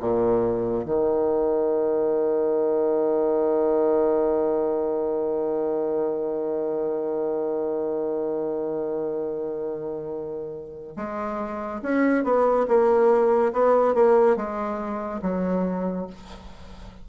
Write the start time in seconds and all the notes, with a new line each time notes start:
0.00 A#2
0.85 D#3
10.96 G#3
11.82 C#4
12.24 B3
12.68 A#3
13.52 B3
13.94 A#3
14.36 G#3
15.22 F#3